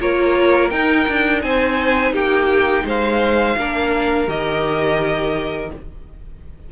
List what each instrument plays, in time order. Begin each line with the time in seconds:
0.00 cello A#3, viola F4, violin A#4 C#5
0.70 cello D#4, viola D#4, violin G5
1.08 cello D4
1.42 cello C4, violin C5 G#5
2.12 cello A#3, violin G4 G5
2.85 cello G#3, violin C5 F5
3.57 cello A#3, viola D4, violin A#4
4.27 cello D#3, viola G4, violin D#5